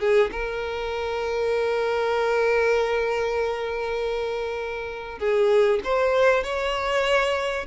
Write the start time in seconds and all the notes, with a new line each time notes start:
0.00 G#4
0.32 A#4
5.19 G#4
5.84 C5
6.44 C#5